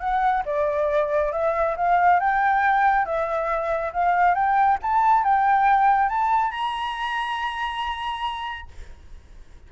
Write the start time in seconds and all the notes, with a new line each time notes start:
0.00 F#5
0.46 D5
1.33 E5
1.77 F5
2.20 G5
3.06 E5
3.93 F5
4.35 G5
4.82 A5
5.24 G5
6.09 A5
6.51 A#5